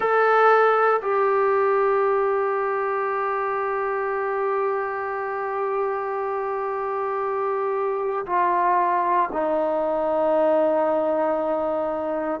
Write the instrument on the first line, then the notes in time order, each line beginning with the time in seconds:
trombone
0.00 A4
1.01 G4
8.26 F4
9.32 D#4